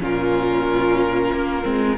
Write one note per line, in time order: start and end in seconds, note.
0.00 1.31 A#2
0.00 1.63 C#4
0.00 1.98 F4
0.00 1.98 A#4
1.32 1.65 A#3
1.63 1.98 G#3
1.63 1.96 C4